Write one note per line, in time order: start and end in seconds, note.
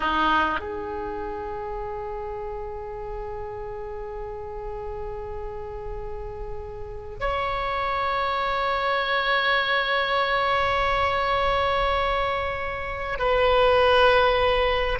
0.00 0.59 D#4
0.59 7.19 G#4
7.19 13.18 C#5
13.18 14.98 B4